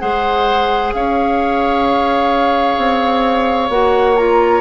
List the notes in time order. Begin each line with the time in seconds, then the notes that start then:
0.00 G#3 G#4 C5 F#5
0.94 C#4 C#5 F5
2.78 C4
3.69 A#3 F#4 F#5
4.17 F4 A#5